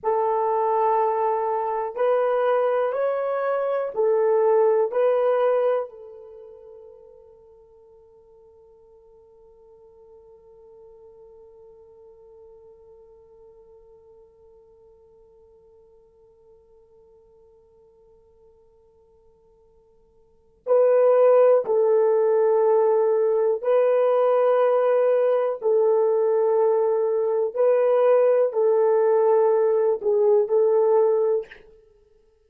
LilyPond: \new Staff \with { instrumentName = "horn" } { \time 4/4 \tempo 4 = 61 a'2 b'4 cis''4 | a'4 b'4 a'2~ | a'1~ | a'1~ |
a'1~ | a'4 b'4 a'2 | b'2 a'2 | b'4 a'4. gis'8 a'4 | }